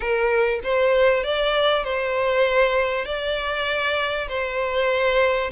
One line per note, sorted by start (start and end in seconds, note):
0.00 0.60 A#4
0.63 1.23 C5
1.23 1.84 D5
1.84 3.05 C5
3.05 4.27 D5
4.28 5.50 C5